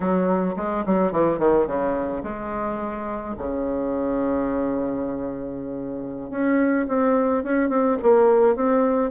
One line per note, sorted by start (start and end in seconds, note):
0.00 0.55 F#3
0.56 0.84 G#3
0.86 1.11 F#3
1.11 1.39 E3
1.39 1.66 D#3
1.66 2.23 C#3
2.23 3.35 G#3
3.38 6.30 C#3
6.30 6.86 C#4
6.88 7.43 C4
7.43 7.69 C#4
7.69 7.97 C4
8.02 8.55 A#3
8.55 9.10 C4